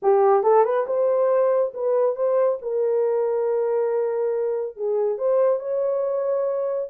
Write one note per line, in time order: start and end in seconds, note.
0.02 0.43 G4
0.43 0.64 A4
0.64 0.86 B4
0.86 1.73 C5
1.74 2.15 B4
2.15 2.58 C5
2.61 4.76 A#4
4.76 5.18 G#4
5.18 5.59 C5
5.59 6.88 C#5